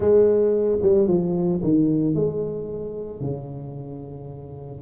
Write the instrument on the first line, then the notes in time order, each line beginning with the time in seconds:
tuba
0.00 G#3
0.82 G3
1.07 F3
1.63 D#3
2.14 G#3
3.20 C#3